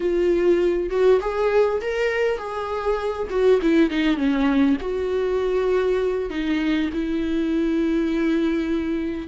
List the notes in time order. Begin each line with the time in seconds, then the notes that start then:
0.00 F4
0.89 F#4
1.21 G#4
1.81 A#4
2.38 G#4
3.30 F#4
3.62 E4
3.90 D#4
4.16 C#4
4.80 F#4
6.30 D#4
6.93 E4